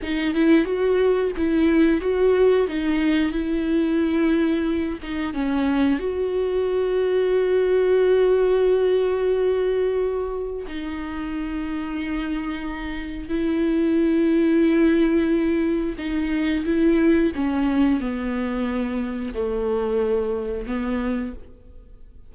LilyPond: \new Staff \with { instrumentName = "viola" } { \time 4/4 \tempo 4 = 90 dis'8 e'8 fis'4 e'4 fis'4 | dis'4 e'2~ e'8 dis'8 | cis'4 fis'2.~ | fis'1 |
dis'1 | e'1 | dis'4 e'4 cis'4 b4~ | b4 a2 b4 | }